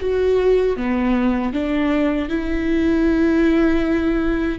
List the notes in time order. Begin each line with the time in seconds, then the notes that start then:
0.00 F#4
0.77 B3
1.53 D4
2.29 E4